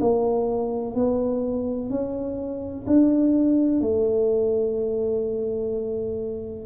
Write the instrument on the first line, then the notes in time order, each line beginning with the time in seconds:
tuba
0.00 A#3
0.95 B3
1.90 C#4
2.87 D4
3.81 A3